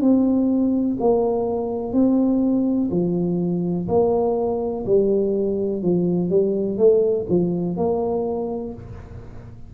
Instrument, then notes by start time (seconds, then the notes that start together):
tuba
0.00 C4
0.99 A#3
1.93 C4
2.90 F3
3.88 A#3
4.86 G3
5.82 F3
6.29 G3
6.77 A3
7.28 F3
7.76 A#3